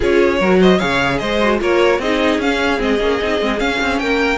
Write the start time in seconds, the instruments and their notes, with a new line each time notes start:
0.00 cello C#4, viola F4, violin G#4 C#5
0.39 cello F#3, viola F#4, violin A#4
0.59 violin C5 D#5
0.78 cello C#3, viola G#4, violin C#5 F5
1.18 cello G#3, violin C5 D#5
1.42 viola F#4
1.58 cello A#3, viola F4, violin A#4 C#5
1.98 cello C4, viola D#4, violin G#4 D#5
2.38 cello C#4, viola C#4, violin F5
2.78 cello G#3, viola C4, violin D#5
3.00 cello A#3, viola C#4
3.21 cello C4, viola D#4
3.40 cello G#3, viola C4
3.57 viola C#4, cello C#4, violin F5
3.81 cello C4
3.99 cello A#3, violin A#4 G5